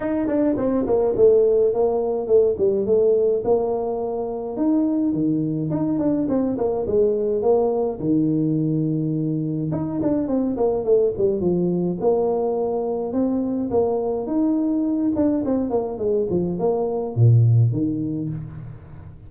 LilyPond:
\new Staff \with { instrumentName = "tuba" } { \time 4/4 \tempo 4 = 105 dis'8 d'8 c'8 ais8 a4 ais4 | a8 g8 a4 ais2 | dis'4 dis4 dis'8 d'8 c'8 ais8 | gis4 ais4 dis2~ |
dis4 dis'8 d'8 c'8 ais8 a8 g8 | f4 ais2 c'4 | ais4 dis'4. d'8 c'8 ais8 | gis8 f8 ais4 ais,4 dis4 | }